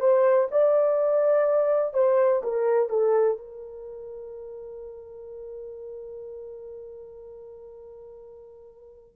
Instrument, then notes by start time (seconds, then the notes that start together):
horn
0.00 C5
0.51 D5
1.94 C5
2.43 A#4
2.89 A4
3.38 A#4